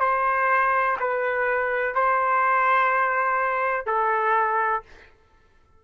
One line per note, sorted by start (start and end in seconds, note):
0.00 0.97 C5
1.00 1.95 B4
1.95 3.86 C5
3.86 4.83 A4